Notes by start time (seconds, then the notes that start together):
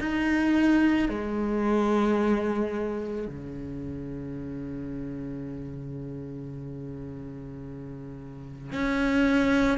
0.00 D#4
1.09 G#3
3.27 C#3
8.72 C#4